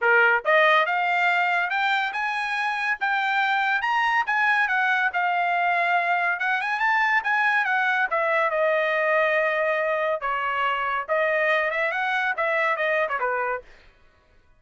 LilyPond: \new Staff \with { instrumentName = "trumpet" } { \time 4/4 \tempo 4 = 141 ais'4 dis''4 f''2 | g''4 gis''2 g''4~ | g''4 ais''4 gis''4 fis''4 | f''2. fis''8 gis''8 |
a''4 gis''4 fis''4 e''4 | dis''1 | cis''2 dis''4. e''8 | fis''4 e''4 dis''8. cis''16 b'4 | }